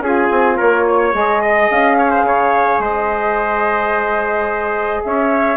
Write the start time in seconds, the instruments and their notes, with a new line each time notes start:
0.00 bassoon C#4, saxophone F4, trumpet G#4, flute G#5
0.31 bassoon C4
0.57 bassoon A#3, trumpet A#4, flute C#5
0.88 trumpet C#5
1.12 bassoon G#3, saxophone G#4, flute D#5
1.41 trumpet D#5
1.71 bassoon C#4, flute F5
1.98 trumpet C#5
2.11 trumpet C5
2.22 bassoon C#3, trumpet C#5
2.79 bassoon G#3, trumpet C5, flute D#5
5.04 bassoon C#4, trumpet C#5, flute E5